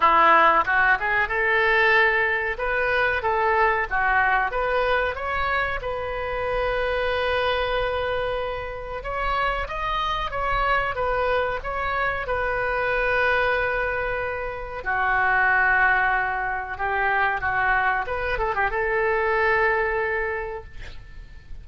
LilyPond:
\new Staff \with { instrumentName = "oboe" } { \time 4/4 \tempo 4 = 93 e'4 fis'8 gis'8 a'2 | b'4 a'4 fis'4 b'4 | cis''4 b'2.~ | b'2 cis''4 dis''4 |
cis''4 b'4 cis''4 b'4~ | b'2. fis'4~ | fis'2 g'4 fis'4 | b'8 a'16 g'16 a'2. | }